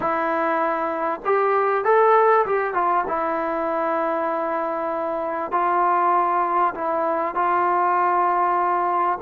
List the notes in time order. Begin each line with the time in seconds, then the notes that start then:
0.00 E4
1.25 G4
1.84 A4
2.46 G4
2.74 F4
3.08 E4
5.51 F4
6.74 E4
7.35 F4